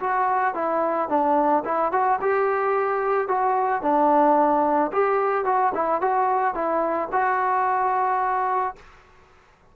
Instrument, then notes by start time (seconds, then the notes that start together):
trombone
0.00 F#4
0.54 E4
1.09 D4
1.65 E4
1.92 F#4
2.21 G4
3.28 F#4
3.82 D4
4.92 G4
5.45 F#4
5.74 E4
6.01 F#4
6.54 E4
7.12 F#4